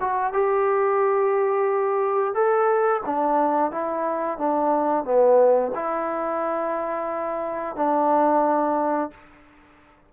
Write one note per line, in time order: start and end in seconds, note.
0.00 0.33 F#4
0.33 2.34 G4
2.34 3.01 A4
3.06 3.71 D4
3.71 4.38 E4
4.38 5.04 D4
5.04 5.72 B3
5.75 7.76 E4
7.76 9.10 D4